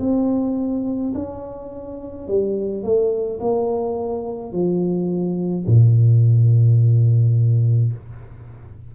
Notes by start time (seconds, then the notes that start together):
0.00 C4
1.15 C#4
2.28 G3
2.84 A3
3.41 A#3
4.53 F3
5.67 A#2